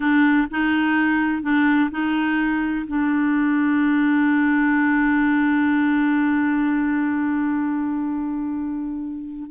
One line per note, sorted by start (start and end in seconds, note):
0.00 0.47 D4
0.51 1.42 D#4
1.42 1.90 D4
1.90 2.85 D#4
2.87 9.50 D4